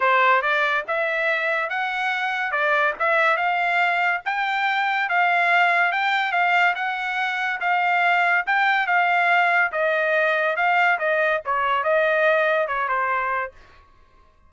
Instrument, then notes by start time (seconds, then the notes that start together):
trumpet
0.00 C5
0.42 D5
0.87 E5
1.69 F#5
2.51 D5
2.99 E5
3.36 F5
4.25 G5
5.09 F5
5.92 G5
6.31 F5
6.75 F#5
7.60 F5
8.46 G5
8.87 F5
9.72 D#5
10.56 F5
10.99 D#5
11.45 C#5
11.83 D#5
12.67 C#5
12.88 C5